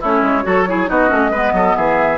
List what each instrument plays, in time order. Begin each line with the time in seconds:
0.00 bassoon A3, clarinet C#4, oboe E4, flute C#5
0.22 bassoon G#3
0.43 bassoon F#3, clarinet F#4, oboe A4
0.68 clarinet E4, oboe G#4
0.87 bassoon B3, clarinet D#4, oboe F#4, flute D#5
1.08 bassoon A3, clarinet C#4
1.30 bassoon G#3, clarinet B3, oboe B4
1.52 bassoon F#3, oboe A4
1.75 bassoon E3, oboe G#4, flute E5